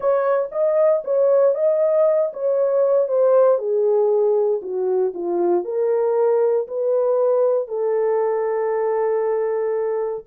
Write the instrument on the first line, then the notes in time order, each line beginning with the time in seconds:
horn
0.00 C#5
0.51 D#5
1.04 C#5
1.55 D#5
2.33 C#5
3.08 C5
3.58 G#4
4.62 F#4
5.14 F4
5.64 A#4
6.67 B4
7.68 A4